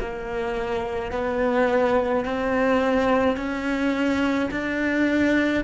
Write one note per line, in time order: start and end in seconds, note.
0.00 1.12 A#3
1.12 2.25 B3
2.25 3.37 C4
3.37 4.50 C#4
4.51 5.64 D4